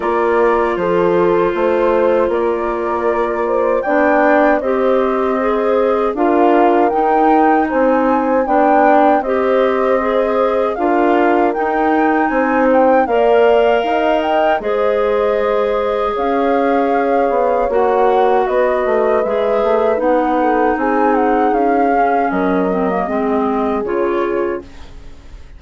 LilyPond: <<
  \new Staff \with { instrumentName = "flute" } { \time 4/4 \tempo 4 = 78 d''4 c''2 d''4~ | d''4 g''4 dis''2 | f''4 g''4 gis''4 g''4 | dis''2 f''4 g''4 |
gis''8 g''8 f''4. g''8 dis''4~ | dis''4 f''2 fis''4 | dis''4 e''4 fis''4 gis''8 fis''8 | f''4 dis''2 cis''4 | }
  \new Staff \with { instrumentName = "horn" } { \time 4/4 ais'4 a'4 c''4 ais'4~ | ais'8 c''8 d''4 c''2 | ais'2 c''4 d''4 | c''2 ais'2 |
c''4 d''4 dis''4 c''4~ | c''4 cis''2. | b'2~ b'8 a'8 gis'4~ | gis'4 ais'4 gis'2 | }
  \new Staff \with { instrumentName = "clarinet" } { \time 4/4 f'1~ | f'4 d'4 g'4 gis'4 | f'4 dis'2 d'4 | g'4 gis'4 f'4 dis'4~ |
dis'4 ais'2 gis'4~ | gis'2. fis'4~ | fis'4 gis'4 dis'2~ | dis'8 cis'4 c'16 ais16 c'4 f'4 | }
  \new Staff \with { instrumentName = "bassoon" } { \time 4/4 ais4 f4 a4 ais4~ | ais4 b4 c'2 | d'4 dis'4 c'4 b4 | c'2 d'4 dis'4 |
c'4 ais4 dis'4 gis4~ | gis4 cis'4. b8 ais4 | b8 a8 gis8 a8 b4 c'4 | cis'4 fis4 gis4 cis4 | }
>>